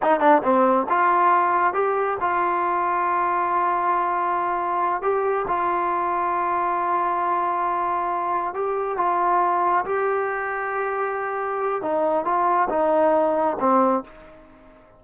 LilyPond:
\new Staff \with { instrumentName = "trombone" } { \time 4/4 \tempo 4 = 137 dis'8 d'8 c'4 f'2 | g'4 f'2.~ | f'2.~ f'8 g'8~ | g'8 f'2.~ f'8~ |
f'2.~ f'8 g'8~ | g'8 f'2 g'4.~ | g'2. dis'4 | f'4 dis'2 c'4 | }